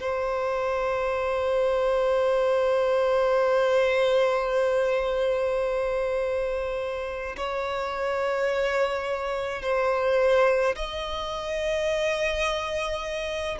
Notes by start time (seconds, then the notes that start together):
0.00 C5
7.36 C#5
9.62 C5
10.75 D#5